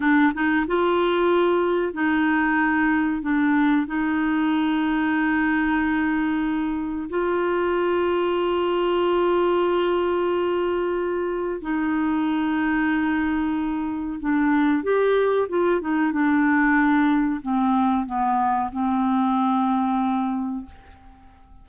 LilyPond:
\new Staff \with { instrumentName = "clarinet" } { \time 4/4 \tempo 4 = 93 d'8 dis'8 f'2 dis'4~ | dis'4 d'4 dis'2~ | dis'2. f'4~ | f'1~ |
f'2 dis'2~ | dis'2 d'4 g'4 | f'8 dis'8 d'2 c'4 | b4 c'2. | }